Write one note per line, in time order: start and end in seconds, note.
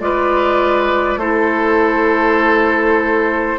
0.00 1.16 G#3
0.00 1.20 F4
0.00 1.20 B4
0.00 1.19 D5
1.16 3.56 A3
1.16 3.58 E4
1.16 3.58 A4
1.16 3.58 C5